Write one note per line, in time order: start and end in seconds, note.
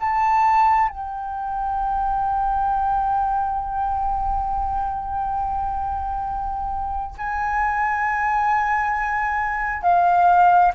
0.00 0.89 A5
0.89 7.16 G5
7.18 9.83 G#5
9.83 10.72 F5